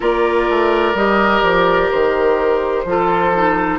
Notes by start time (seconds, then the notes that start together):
0.00 A#3 F4 A#4 D5
0.49 A3
0.94 G3 G4 D#5
1.41 F3 D5
1.90 D#3 C5
2.84 F3 F4 A4
3.34 D#4